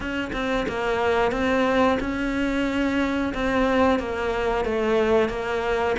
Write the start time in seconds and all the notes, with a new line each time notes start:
0.00 C#4
0.32 C4
0.68 A#3
1.31 C4
1.99 C#4
3.34 C4
3.98 A#3
4.65 A3
5.29 A#3